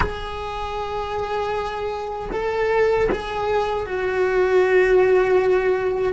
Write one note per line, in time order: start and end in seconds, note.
0.00 2.30 G#4
2.32 3.09 A4
3.11 3.85 G#4
3.85 6.13 F#4